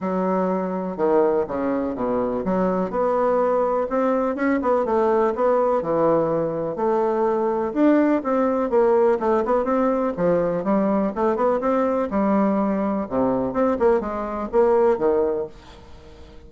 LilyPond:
\new Staff \with { instrumentName = "bassoon" } { \time 4/4 \tempo 4 = 124 fis2 dis4 cis4 | b,4 fis4 b2 | c'4 cis'8 b8 a4 b4 | e2 a2 |
d'4 c'4 ais4 a8 b8 | c'4 f4 g4 a8 b8 | c'4 g2 c4 | c'8 ais8 gis4 ais4 dis4 | }